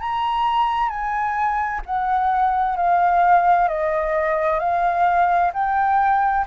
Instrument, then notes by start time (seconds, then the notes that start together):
flute
0.00 A#5
0.89 G#5
1.86 F#5
2.77 F5
3.68 D#5
4.59 F5
5.53 G5